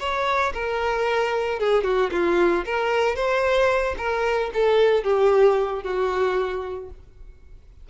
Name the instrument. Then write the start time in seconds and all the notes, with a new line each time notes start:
violin
0.00 C#5
0.54 A#4
1.60 G#4
1.84 F#4
2.12 F4
2.65 A#4
3.16 C5
3.98 A#4
4.54 A4
5.04 G4
5.84 F#4